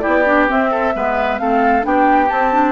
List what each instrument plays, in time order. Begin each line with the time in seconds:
0.00 clarinet E4, oboe G4, flute D5
0.07 bassoon B3
0.26 clarinet D4
0.48 clarinet C4, bassoon C4, flute E5
0.71 oboe A4
0.94 bassoon G#3, clarinet B3, oboe B4
1.39 bassoon A3, clarinet C4, oboe A4, flute F5
1.83 bassoon B3, clarinet D4, oboe G4, flute G5
2.30 clarinet C4, bassoon C4, flute A5
2.53 clarinet D4